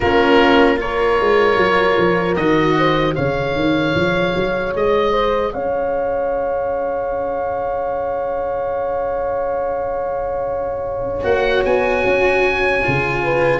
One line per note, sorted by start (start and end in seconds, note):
0.00 1.19 A#3
0.00 0.76 C#4
0.00 0.79 F4
0.00 0.79 A#4
0.76 2.34 F4
0.76 2.77 A#4
0.76 2.35 C#5
1.19 1.56 G#3
1.56 1.96 F#3
1.98 2.36 F3
2.35 3.15 D#3
2.35 3.13 F#4
2.35 3.14 D#5
2.77 3.15 C5
3.13 3.55 C#3
3.13 11.22 G#4
3.13 5.12 C#5
3.13 4.73 F5
3.55 3.94 D#3
3.95 4.34 F3
4.35 4.74 F#3
4.74 5.53 G#3
4.74 5.53 D#5
5.12 5.52 C5
5.52 11.24 C#4
5.52 13.22 C#5
5.52 11.24 F5
11.23 11.63 A#3
11.23 12.81 F#4
11.23 11.64 F#5
11.65 12.04 B3
11.65 13.60 G#5
12.04 12.83 C#4
12.83 13.60 C#3
12.83 13.60 F4
13.23 13.60 B4